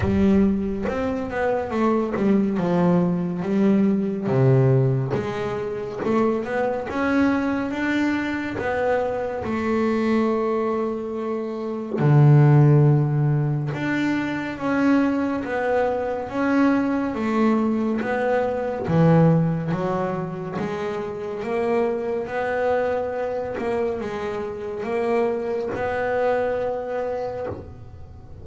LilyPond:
\new Staff \with { instrumentName = "double bass" } { \time 4/4 \tempo 4 = 70 g4 c'8 b8 a8 g8 f4 | g4 c4 gis4 a8 b8 | cis'4 d'4 b4 a4~ | a2 d2 |
d'4 cis'4 b4 cis'4 | a4 b4 e4 fis4 | gis4 ais4 b4. ais8 | gis4 ais4 b2 | }